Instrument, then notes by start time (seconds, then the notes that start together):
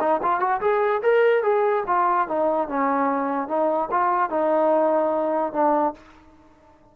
trombone
0.00 D#4
0.22 F4
0.40 F#4
0.61 G#4
1.02 A#4
1.43 G#4
1.87 F4
2.28 D#4
2.68 C#4
3.48 D#4
3.91 F4
4.30 D#4
5.53 D4